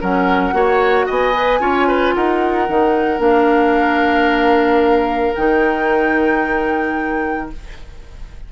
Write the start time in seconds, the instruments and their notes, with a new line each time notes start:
0.00 bassoon F#3, clarinet C#4, oboe A#4, flute F#5
0.52 bassoon A#3, clarinet F#4, oboe C#5
1.06 bassoon B3, oboe D#5, flute G#5
1.33 clarinet B4
1.60 bassoon C#4, clarinet F4, oboe C#5
1.87 oboe B4
2.14 bassoon D#4, oboe A#4, flute F#5
2.68 bassoon D#3, clarinet D#4
3.18 bassoon A#3, clarinet D4, flute F5
5.35 bassoon D#3, clarinet D#4, flute G5